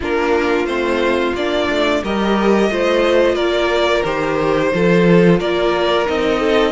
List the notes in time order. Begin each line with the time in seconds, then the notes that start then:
0.00 A#3 D4 F4 A#4
0.65 A3 C4 C5
1.34 A#3 D4 D5
1.69 A3
2.02 G3 G4 A#4 D#5
2.69 A3 F4 C5
3.34 A#3 A#4 D5
4.04 D#3 G4 C5
4.74 F3 F4 A4
5.39 A#3 A#4 D5
6.05 C4 D#4 D#5
6.40 A4